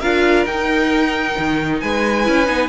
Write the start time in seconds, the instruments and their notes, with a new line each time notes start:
0.00 cello D4, viola F4, violin A#4 F5
0.46 cello D#4, viola D#4, violin G5
1.38 cello D#3
1.80 cello G#3, violin B4 G#5
2.24 cello C#4, viola E4
2.46 cello B3, viola D#4